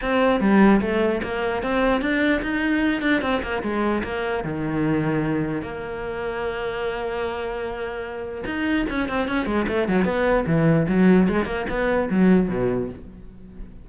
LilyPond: \new Staff \with { instrumentName = "cello" } { \time 4/4 \tempo 4 = 149 c'4 g4 a4 ais4 | c'4 d'4 dis'4. d'8 | c'8 ais8 gis4 ais4 dis4~ | dis2 ais2~ |
ais1~ | ais4 dis'4 cis'8 c'8 cis'8 gis8 | a8 fis8 b4 e4 fis4 | gis8 ais8 b4 fis4 b,4 | }